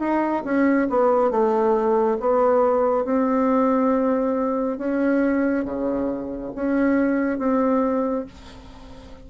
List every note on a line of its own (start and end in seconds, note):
0.00 0.43 D#4
0.45 0.88 C#4
0.90 1.31 B3
1.31 2.18 A3
2.20 3.05 B3
3.05 4.78 C4
4.78 5.65 C#4
5.65 6.52 C#3
6.56 7.38 C#4
7.38 8.25 C4